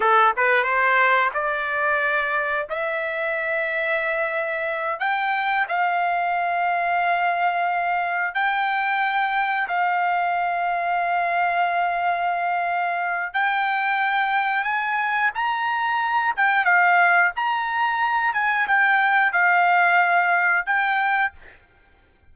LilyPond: \new Staff \with { instrumentName = "trumpet" } { \time 4/4 \tempo 4 = 90 a'8 b'8 c''4 d''2 | e''2.~ e''8 g''8~ | g''8 f''2.~ f''8~ | f''8 g''2 f''4.~ |
f''1 | g''2 gis''4 ais''4~ | ais''8 g''8 f''4 ais''4. gis''8 | g''4 f''2 g''4 | }